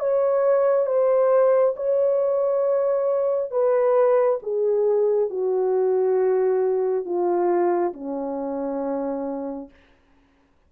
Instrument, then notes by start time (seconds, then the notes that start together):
horn
0.00 C#5
0.86 C5
1.76 C#5
3.51 B4
4.42 G#4
5.30 F#4
7.05 F4
7.93 C#4